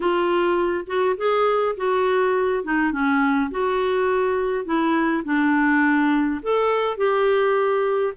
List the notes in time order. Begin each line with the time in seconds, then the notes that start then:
0.00 F4
0.86 F#4
1.17 G#4
1.77 F#4
2.63 D#4
2.92 C#4
3.50 F#4
4.65 E4
5.24 D4
6.42 A4
6.97 G4